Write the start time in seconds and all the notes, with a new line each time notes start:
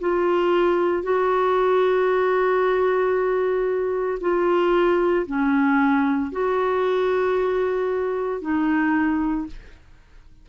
0.00 F4
1.02 F#4
4.20 F4
5.26 C#4
6.32 F#4
8.41 D#4